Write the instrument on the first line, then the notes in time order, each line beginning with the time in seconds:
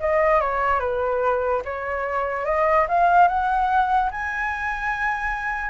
flute
0.00 D#5
0.41 C#5
0.80 B4
1.65 C#5
2.45 D#5
2.88 F5
3.28 F#5
4.11 G#5